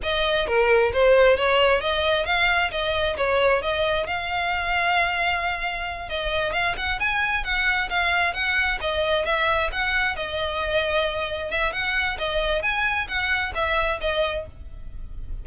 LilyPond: \new Staff \with { instrumentName = "violin" } { \time 4/4 \tempo 4 = 133 dis''4 ais'4 c''4 cis''4 | dis''4 f''4 dis''4 cis''4 | dis''4 f''2.~ | f''4. dis''4 f''8 fis''8 gis''8~ |
gis''8 fis''4 f''4 fis''4 dis''8~ | dis''8 e''4 fis''4 dis''4.~ | dis''4. e''8 fis''4 dis''4 | gis''4 fis''4 e''4 dis''4 | }